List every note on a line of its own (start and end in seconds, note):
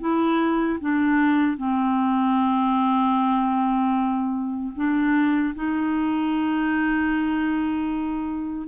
0.00 0.79 E4
0.80 1.57 D4
1.57 4.73 C4
4.75 5.54 D4
5.55 8.68 D#4